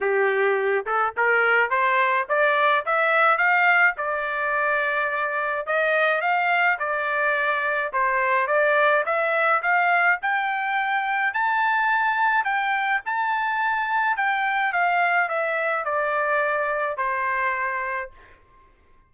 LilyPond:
\new Staff \with { instrumentName = "trumpet" } { \time 4/4 \tempo 4 = 106 g'4. a'8 ais'4 c''4 | d''4 e''4 f''4 d''4~ | d''2 dis''4 f''4 | d''2 c''4 d''4 |
e''4 f''4 g''2 | a''2 g''4 a''4~ | a''4 g''4 f''4 e''4 | d''2 c''2 | }